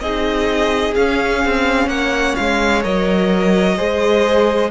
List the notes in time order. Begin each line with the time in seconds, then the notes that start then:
0.00 C4 D#4 G#4 D#5
0.95 C#4 F5
1.45 C4
1.87 A#3 C#5 F#5
2.35 G#3 F5
2.82 F#3 A#4 D#5
3.77 G#3 G#4 C5